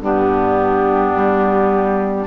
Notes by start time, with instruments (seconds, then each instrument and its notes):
0.00 bassoon G2, clarinet B3, oboe D4, flute G4
1.16 bassoon G3